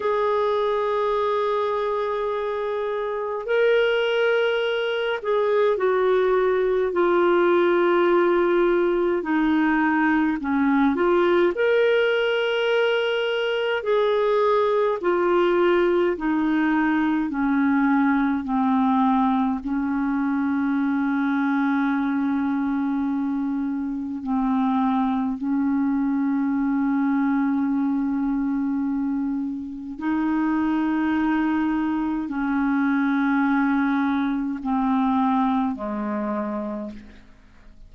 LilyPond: \new Staff \with { instrumentName = "clarinet" } { \time 4/4 \tempo 4 = 52 gis'2. ais'4~ | ais'8 gis'8 fis'4 f'2 | dis'4 cis'8 f'8 ais'2 | gis'4 f'4 dis'4 cis'4 |
c'4 cis'2.~ | cis'4 c'4 cis'2~ | cis'2 dis'2 | cis'2 c'4 gis4 | }